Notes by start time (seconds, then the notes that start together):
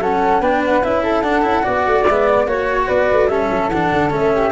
0.00 F#3 C#4 A4 F#5
0.41 B3 D4 B4 G5
0.66 F#5
0.84 C#4 E4 E5
1.03 A4
1.22 D4 F#5
1.42 C#4 E4
1.63 B3 F#4 D5
1.87 A3
2.06 G#3 B3 E5
2.28 D5
2.46 A#3 F#4 C#5
2.88 B3 B4 D5
3.12 A3
3.29 G3 C#4 A4 E5
3.51 F#3
3.69 E3 D4 F#5
3.92 D3
4.11 A3 C#4 E5
4.35 G4